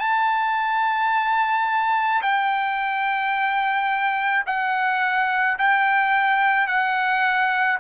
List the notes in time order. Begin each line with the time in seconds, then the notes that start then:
0.00 A5
2.22 G5
4.47 F#5
5.59 G5
6.68 F#5